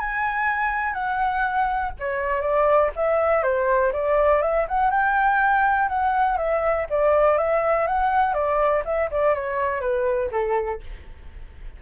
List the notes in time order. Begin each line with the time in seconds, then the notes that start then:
0.00 G#5
0.94 F#5
2.00 C#5
2.41 D5
2.96 E5
3.43 C5
3.93 D5
4.42 E5
4.69 F#5
4.91 G5
5.89 F#5
6.38 E5
6.90 D5
7.38 E5
7.87 F#5
8.34 D5
8.85 E5
9.11 D5
9.35 C#5
9.81 B4
10.32 A4